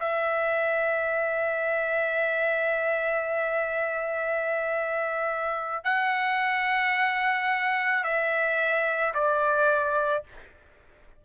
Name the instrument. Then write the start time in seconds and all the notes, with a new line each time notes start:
trumpet
0.00 E5
5.84 F#5
8.04 E5
9.14 D5